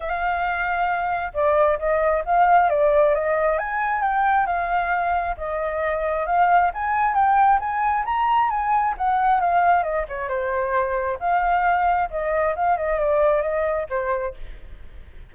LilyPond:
\new Staff \with { instrumentName = "flute" } { \time 4/4 \tempo 4 = 134 f''2. d''4 | dis''4 f''4 d''4 dis''4 | gis''4 g''4 f''2 | dis''2 f''4 gis''4 |
g''4 gis''4 ais''4 gis''4 | fis''4 f''4 dis''8 cis''8 c''4~ | c''4 f''2 dis''4 | f''8 dis''8 d''4 dis''4 c''4 | }